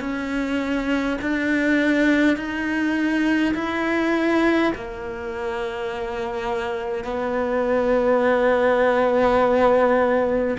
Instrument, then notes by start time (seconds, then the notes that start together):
cello
0.00 C#4
1.21 D4
2.36 D#4
3.54 E4
4.75 A#3
7.04 B3